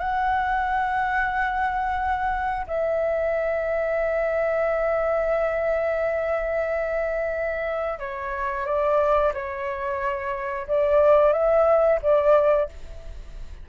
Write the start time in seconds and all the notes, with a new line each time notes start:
0.00 F#5
2.68 E5
7.99 C#5
8.66 D5
9.34 C#5
10.68 D5
11.33 E5
12.03 D5